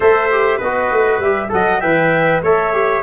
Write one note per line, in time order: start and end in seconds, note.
0.00 0.59 A3
0.00 0.30 A4
0.00 0.57 C5
0.00 0.59 E5
0.30 0.61 G4
0.57 0.91 B3
0.57 1.48 B4
0.57 1.20 D#5
0.64 1.23 F#4
0.91 1.18 A3
1.18 1.49 G3
1.18 1.48 G4
1.18 1.50 E5
1.48 1.82 F#3
1.48 1.79 A4
1.48 1.80 D#5
1.48 1.80 F#5
1.80 2.41 E3
1.80 2.43 B4
1.80 2.41 E5
1.80 2.41 G5
2.41 3.02 A3
2.41 2.73 A4
2.41 3.02 C#5
2.41 3.02 E5
2.73 3.02 G4